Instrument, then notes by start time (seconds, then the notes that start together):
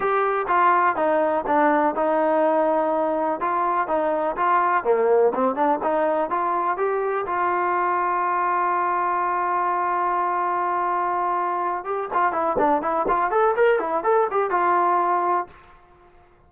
trombone
0.00 G4
0.47 F4
0.95 D#4
1.46 D4
1.95 D#4
3.40 F4
3.87 D#4
4.36 F4
4.84 A#3
5.34 C4
5.55 D4
5.83 D#4
6.29 F4
6.77 G4
7.26 F4
11.84 G4
12.13 F4
12.32 E4
12.58 D4
12.81 E4
13.08 F4
13.30 A4
13.55 A#4
13.79 E4
14.03 A4
14.30 G4
14.50 F4